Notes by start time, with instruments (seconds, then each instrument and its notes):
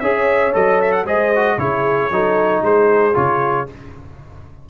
0.00 tuba C#4, trombone G#4, horn C#5, trumpet E5
0.53 tuba F#3, trombone A4, trumpet D#5
0.81 trumpet E5
0.92 trumpet F#5
1.05 tuba G#3, trombone G#4, horn C5, trumpet D#5
1.36 trombone F#4
1.58 tuba C#3, trombone E4, horn G#4, trumpet C#5
2.11 tuba F#3, trombone D#4, horn A4
2.62 tuba G#3, horn G#4, trumpet C5
3.14 tuba C#3, trombone F4, trumpet C#5